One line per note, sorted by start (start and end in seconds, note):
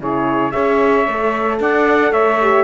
0.00 0.54 C#3
0.00 0.52 E4
0.00 0.52 G#4
0.00 0.52 C#5
0.52 1.08 C#4
0.52 1.05 G#4
0.52 1.58 C#5
0.52 1.58 E5
1.08 1.60 A3
1.08 2.41 A4
1.60 2.11 D4
1.60 2.12 D5
1.60 2.13 F#5
2.11 2.64 A3
2.11 2.64 C#5
2.11 2.64 E5
2.41 2.64 G4